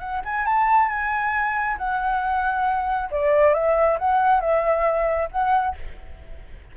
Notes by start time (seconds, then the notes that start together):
0.00 F#5
0.25 G#5
0.46 A5
0.89 G#5
1.78 F#5
3.10 D5
3.54 E5
3.99 F#5
4.41 E5
5.31 F#5